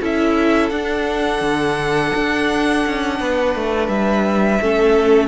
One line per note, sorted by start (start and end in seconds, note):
0.00 0.71 C#4
0.00 0.72 E4
0.00 3.18 A4
0.00 0.69 E5
0.69 1.41 D4
0.69 4.60 D4
0.69 3.87 F#5
1.41 2.11 D3
2.15 2.85 D4
2.86 3.20 C#4
3.20 3.55 B3
3.20 4.61 B4
3.55 3.88 A3
3.88 4.59 G3
3.88 5.28 E5
4.61 5.28 A3
4.61 5.28 C#4
4.61 5.28 A4